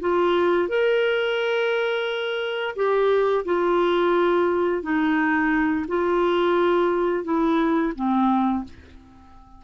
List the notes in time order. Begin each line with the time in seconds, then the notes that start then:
0.00 F4
0.68 A#4
2.76 G4
3.45 F4
4.82 D#4
5.88 F4
7.24 E4
7.95 C4